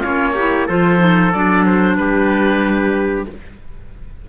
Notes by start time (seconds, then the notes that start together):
0.00 A#3 C#4 F4 C#5
0.35 E4 G4
0.67 F3 F4 A4 C5
0.99 D#4
1.33 F#3 D4 D5
1.65 C5
1.97 G3 G4 B4